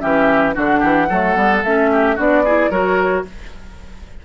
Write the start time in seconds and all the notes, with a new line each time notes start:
0.00 E3 C#4 G4 E5
0.54 D3 D4 F#4 F#5
0.79 E3 G4
1.09 F#3 A3 A4
1.35 G3 B3
1.64 A3 C#4 E5
1.92 G4
2.16 B3 D4 F#4 D5
2.44 E4 G#4
2.70 F#3 F#4 A#4 C#5